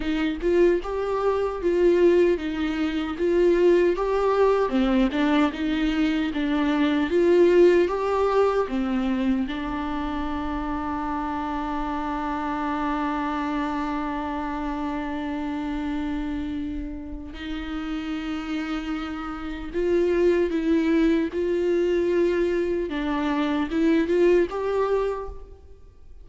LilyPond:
\new Staff \with { instrumentName = "viola" } { \time 4/4 \tempo 4 = 76 dis'8 f'8 g'4 f'4 dis'4 | f'4 g'4 c'8 d'8 dis'4 | d'4 f'4 g'4 c'4 | d'1~ |
d'1~ | d'2 dis'2~ | dis'4 f'4 e'4 f'4~ | f'4 d'4 e'8 f'8 g'4 | }